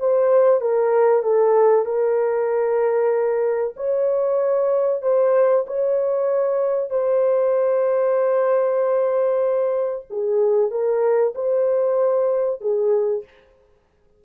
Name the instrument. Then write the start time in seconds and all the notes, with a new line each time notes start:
horn
0.00 C5
0.61 A#4
1.23 A4
1.85 A#4
3.77 C#5
5.02 C5
5.67 C#5
6.90 C5
10.10 G#4
10.71 A#4
11.35 C5
12.61 G#4